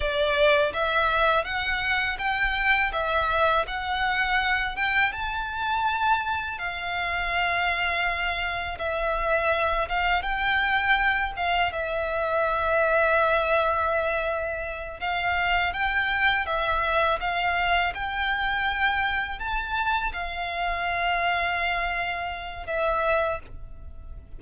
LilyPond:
\new Staff \with { instrumentName = "violin" } { \time 4/4 \tempo 4 = 82 d''4 e''4 fis''4 g''4 | e''4 fis''4. g''8 a''4~ | a''4 f''2. | e''4. f''8 g''4. f''8 |
e''1~ | e''8 f''4 g''4 e''4 f''8~ | f''8 g''2 a''4 f''8~ | f''2. e''4 | }